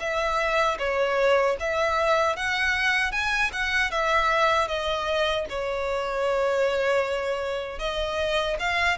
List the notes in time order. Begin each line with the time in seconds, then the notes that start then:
0.00 E5
0.79 C#5
1.60 E5
2.36 F#5
3.12 G#5
3.53 F#5
3.91 E5
4.68 D#5
5.49 C#5
7.79 D#5
8.60 F5